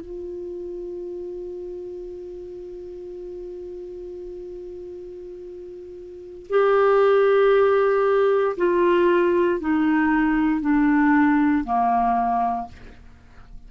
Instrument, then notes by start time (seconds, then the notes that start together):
clarinet
0.00 F4
6.49 G4
8.57 F4
9.60 D#4
10.61 D4
11.64 A#3